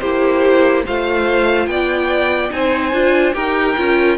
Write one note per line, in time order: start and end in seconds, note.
0.00 0.85 A#3
0.00 0.86 E4
0.00 0.84 G4
0.00 0.83 C5
0.85 1.67 A3
0.85 2.50 F4
0.85 1.69 C5
0.85 1.67 F5
1.67 2.50 B3
1.67 2.54 D5
1.67 2.50 G5
2.50 2.93 C4
2.50 2.92 D#4
2.50 3.35 C5
2.50 3.34 G#5
2.93 3.34 D4
2.93 3.34 F4
3.34 3.77 D#4
3.34 3.75 G4
3.34 4.18 A#4
3.34 4.18 G5
3.77 4.18 C#4
3.77 4.18 F4